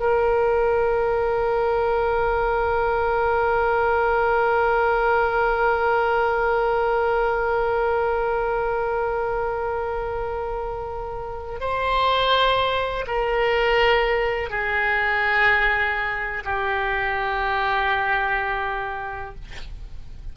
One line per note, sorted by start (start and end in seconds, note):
0.00 11.61 A#4
11.61 13.06 C5
13.07 14.50 A#4
14.50 16.44 G#4
16.45 19.35 G4